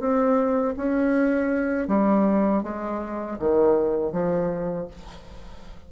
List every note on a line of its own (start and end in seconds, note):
0.00 0.75 C4
0.77 1.88 C#4
1.88 2.63 G3
2.63 3.38 G#3
3.39 4.12 D#3
4.12 4.88 F3